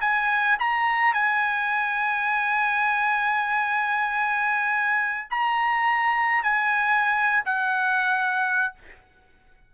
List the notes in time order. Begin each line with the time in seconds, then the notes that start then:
0.00 G#5
0.59 A#5
1.14 G#5
5.30 A#5
6.43 G#5
7.45 F#5